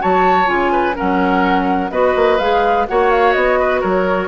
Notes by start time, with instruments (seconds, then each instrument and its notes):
0.00 bassoon F#3, clarinet F#4, oboe C#5, flute A5
0.46 bassoon C#3, clarinet F4, flute G#5
0.72 oboe B4
0.95 clarinet C#4, oboe A#4, flute F#5
1.01 bassoon F#3
1.90 bassoon B3, clarinet F#4, oboe B4, flute D#5
2.15 bassoon A#3
2.39 bassoon G#3, clarinet G#4, flute F5
2.87 bassoon A#3, clarinet F#4, oboe C#5, flute F#5
3.11 flute F5
3.33 bassoon B3, flute D#5
3.59 oboe B4
3.80 bassoon F#3, oboe A#4, flute C#5